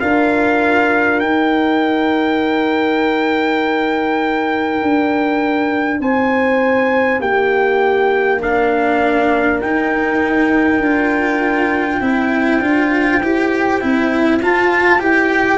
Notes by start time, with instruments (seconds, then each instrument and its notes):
0.00 tuba D4, cello F4, horn A#4, trumpet F5
1.20 cello D#4, tuba D#4, trumpet G5
4.82 tuba D4
6.00 tuba C4, horn C5, trumpet G#5
7.20 tuba A#3, horn G4, trumpet G5
8.42 cello D4, horn A#4, trumpet F5
9.61 tuba D#4, cello D#4, trumpet G5
10.79 tuba D4, cello F4
12.01 tuba C4, cello E4, horn C5
12.61 tuba D4, cello F4
13.21 tuba E4, cello G4
13.81 tuba C4, cello E4
14.42 tuba F4, cello F4, trumpet A5
14.99 tuba E4, cello G4, trumpet G5